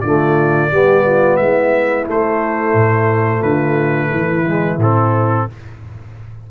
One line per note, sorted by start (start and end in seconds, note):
0.00 0.70 D3
0.00 0.71 A3
0.00 0.70 F4
0.00 1.36 D5
0.71 1.38 G3
0.71 2.06 B3
0.71 1.05 G4
1.05 1.39 F4
1.36 2.07 G#3
1.36 3.39 E4
1.36 2.04 E5
2.06 4.45 A3
2.06 2.73 A3
2.06 3.42 C5
2.73 3.42 A2
3.39 4.11 D3
3.39 4.08 F4
3.39 4.79 B4
4.10 4.77 E3
4.10 5.46 E4
4.46 4.80 G#3
4.77 5.46 A2
4.77 5.49 C4
4.77 5.50 A4